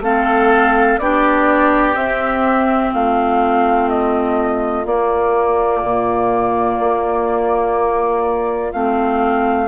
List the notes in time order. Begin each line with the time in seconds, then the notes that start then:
0.00 A3 C4 A4 F5
0.98 B3 D4 G4 D5
1.94 C4 E5
2.93 A3 F4 F5
3.89 D#5
4.85 A#3 D5
5.82 A#2
6.79 A#3
8.72 A3 C4 F5